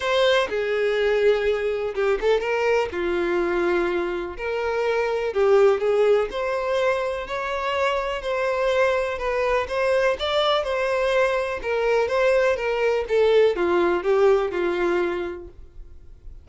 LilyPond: \new Staff \with { instrumentName = "violin" } { \time 4/4 \tempo 4 = 124 c''4 gis'2. | g'8 a'8 ais'4 f'2~ | f'4 ais'2 g'4 | gis'4 c''2 cis''4~ |
cis''4 c''2 b'4 | c''4 d''4 c''2 | ais'4 c''4 ais'4 a'4 | f'4 g'4 f'2 | }